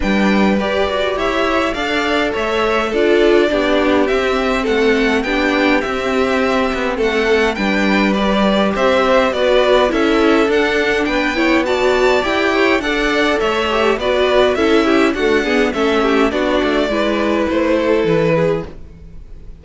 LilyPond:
<<
  \new Staff \with { instrumentName = "violin" } { \time 4/4 \tempo 4 = 103 g''4 d''4 e''4 f''4 | e''4 d''2 e''4 | fis''4 g''4 e''2 | fis''4 g''4 d''4 e''4 |
d''4 e''4 fis''4 g''4 | a''4 g''4 fis''4 e''4 | d''4 e''4 fis''4 e''4 | d''2 c''4 b'4 | }
  \new Staff \with { instrumentName = "violin" } { \time 4/4 b'2 cis''4 d''4 | cis''4 a'4 g'2 | a'4 g'2. | a'4 b'2 c''4 |
b'4 a'2 b'8 cis''8 | d''4. cis''8 d''4 cis''4 | b'4 a'8 g'8 fis'8 gis'8 a'8 g'8 | fis'4 b'4. a'4 gis'8 | }
  \new Staff \with { instrumentName = "viola" } { \time 4/4 d'4 g'2 a'4~ | a'4 f'4 d'4 c'4~ | c'4 d'4 c'2~ | c'4 d'4 g'2 |
fis'4 e'4 d'4. e'8 | fis'4 g'4 a'4. g'8 | fis'4 e'4 a8 b8 cis'4 | d'4 e'2. | }
  \new Staff \with { instrumentName = "cello" } { \time 4/4 g4 g'8 fis'8 e'4 d'4 | a4 d'4 b4 c'4 | a4 b4 c'4. b8 | a4 g2 c'4 |
b4 cis'4 d'4 b4~ | b4 e'4 d'4 a4 | b4 cis'4 d'4 a4 | b8 a8 gis4 a4 e4 | }
>>